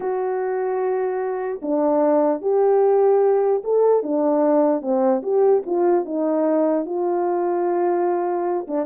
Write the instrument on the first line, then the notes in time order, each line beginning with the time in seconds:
horn
0.00 F#4
1.61 D4
2.41 G4
3.64 A4
4.02 D4
4.81 C4
5.23 G4
5.66 F4
6.05 D#4
6.85 F4
8.67 D4